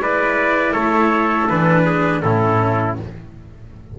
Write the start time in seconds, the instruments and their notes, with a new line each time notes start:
0.00 double bass G#3, cello E4, trumpet B4 D5
0.73 double bass A3, trumpet A4 C#5
1.49 double bass E3, cello D4, trumpet B4
1.86 trumpet G#4
2.22 double bass A2, cello C#4, trumpet E4 A4